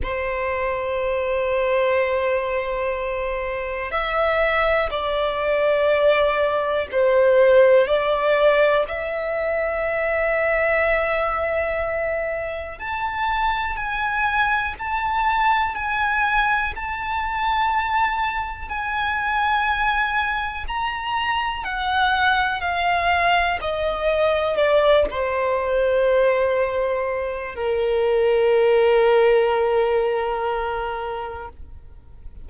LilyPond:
\new Staff \with { instrumentName = "violin" } { \time 4/4 \tempo 4 = 61 c''1 | e''4 d''2 c''4 | d''4 e''2.~ | e''4 a''4 gis''4 a''4 |
gis''4 a''2 gis''4~ | gis''4 ais''4 fis''4 f''4 | dis''4 d''8 c''2~ c''8 | ais'1 | }